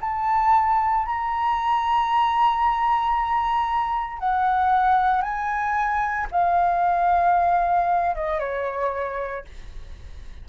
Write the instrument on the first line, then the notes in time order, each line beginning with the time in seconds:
flute
0.00 A5
1.05 A#5
4.19 F#5
5.22 G#5
6.31 F5
8.15 D#5
8.39 C#5